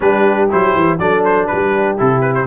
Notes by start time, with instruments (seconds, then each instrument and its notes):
0.00 tuba G3, trombone D4, horn G4, trumpet B4
0.49 tuba F#3, trombone E4, trumpet C5
0.75 tuba E3
0.98 tuba F#3, trombone D4, horn A4, trumpet D5
1.24 trumpet C5
1.46 tuba G3, horn G4, trumpet B4
1.97 tuba C3, trombone E4, trumpet A4
2.21 trumpet B4
2.34 trumpet C5